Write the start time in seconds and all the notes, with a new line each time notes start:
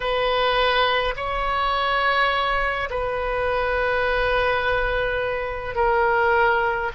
0.00 B4
1.16 C#5
2.90 B4
5.75 A#4